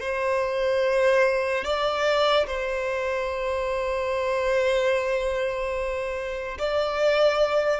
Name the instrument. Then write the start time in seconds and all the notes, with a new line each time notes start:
violin
0.00 C5
1.64 D5
2.47 C5
6.58 D5